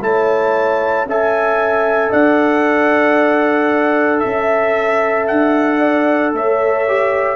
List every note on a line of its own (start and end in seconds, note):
0.00 1.05 A3
0.00 1.06 E4
0.00 1.09 C#5
0.00 1.08 A5
1.05 2.11 C#4
1.05 6.87 A4
1.05 2.10 E5
1.05 2.12 G#5
2.10 4.23 D4
2.10 4.21 D5
2.10 4.20 F#5
4.20 5.30 C#4
4.20 5.25 E5
4.20 5.79 E5
5.27 6.33 D4
5.27 6.32 F#5
5.79 6.31 D5
6.33 7.35 A3
6.33 7.35 C#5
6.33 7.35 E5
6.87 7.35 G4